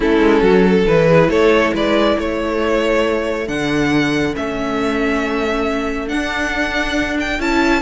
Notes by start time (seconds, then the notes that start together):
0.00 A3 C#4 E4 A4
0.19 G#3
0.41 F#3 F#4
0.64 A4
0.87 E3 E4 B4
1.07 G#4
1.28 A3 A4 C#5
1.73 G#3 B4 D5
2.18 A3 A4 C#5
3.46 D3 D4 F#5
4.33 A3 C#4 E5
6.07 D4 F#5
7.19 G5
7.39 C#4 E4 A5